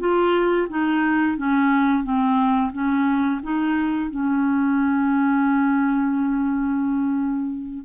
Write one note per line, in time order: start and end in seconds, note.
0.00 0.68 F4
0.70 1.38 D#4
1.38 2.04 C#4
2.04 2.72 C4
2.73 3.41 C#4
3.43 4.11 D#4
4.11 7.86 C#4